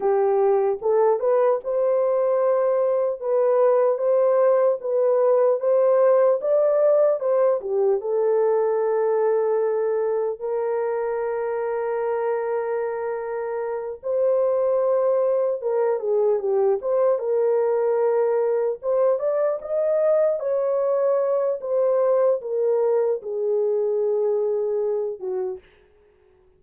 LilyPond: \new Staff \with { instrumentName = "horn" } { \time 4/4 \tempo 4 = 75 g'4 a'8 b'8 c''2 | b'4 c''4 b'4 c''4 | d''4 c''8 g'8 a'2~ | a'4 ais'2.~ |
ais'4. c''2 ais'8 | gis'8 g'8 c''8 ais'2 c''8 | d''8 dis''4 cis''4. c''4 | ais'4 gis'2~ gis'8 fis'8 | }